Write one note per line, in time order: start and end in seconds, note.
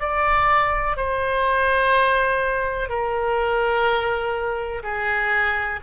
0.00 0.97 D5
0.97 2.89 C5
2.89 4.83 A#4
4.83 5.80 G#4